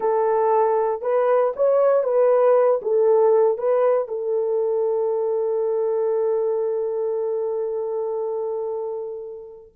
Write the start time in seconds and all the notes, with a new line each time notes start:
0.00 A4
1.01 B4
1.55 C#5
2.03 B4
2.82 A4
3.58 B4
4.07 A4